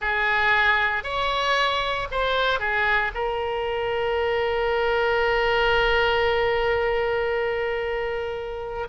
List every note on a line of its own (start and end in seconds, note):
0.01 1.03 G#4
1.03 2.08 C#5
2.11 2.59 C5
2.59 3.11 G#4
3.14 8.88 A#4